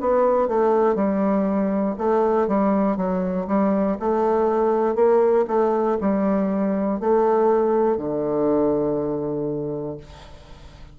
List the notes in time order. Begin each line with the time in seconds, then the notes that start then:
0.00 B3
0.48 A3
0.95 G3
1.98 A3
2.48 G3
2.97 F#3
3.47 G3
4.00 A3
4.95 A#3
5.47 A3
6.00 G3
7.00 A3
7.97 D3